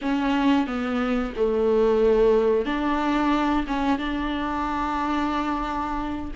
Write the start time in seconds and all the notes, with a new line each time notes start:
0.01 C#4
0.67 B3
1.36 A3
2.65 D4
3.67 C#4
3.98 D4